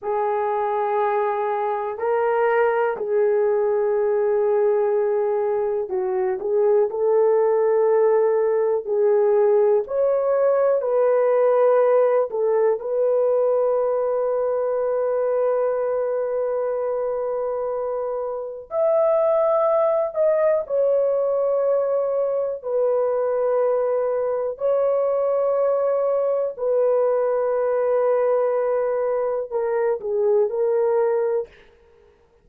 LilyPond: \new Staff \with { instrumentName = "horn" } { \time 4/4 \tempo 4 = 61 gis'2 ais'4 gis'4~ | gis'2 fis'8 gis'8 a'4~ | a'4 gis'4 cis''4 b'4~ | b'8 a'8 b'2.~ |
b'2. e''4~ | e''8 dis''8 cis''2 b'4~ | b'4 cis''2 b'4~ | b'2 ais'8 gis'8 ais'4 | }